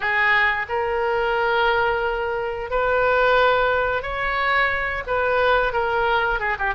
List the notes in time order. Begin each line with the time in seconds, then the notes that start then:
0.00 G#4
0.69 A#4
2.70 B4
4.02 C#5
5.07 B4
5.72 A#4
6.39 G#4
6.59 G4